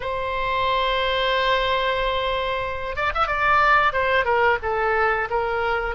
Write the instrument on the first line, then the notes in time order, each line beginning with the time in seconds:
oboe
0.00 C5
2.96 D5
3.14 E5
3.27 D5
3.92 C5
4.24 A#4
4.62 A4
5.30 A#4